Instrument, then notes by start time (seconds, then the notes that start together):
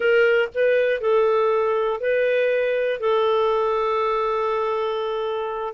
clarinet
0.00 A#4
0.54 B4
1.00 A4
2.00 B4
3.00 A4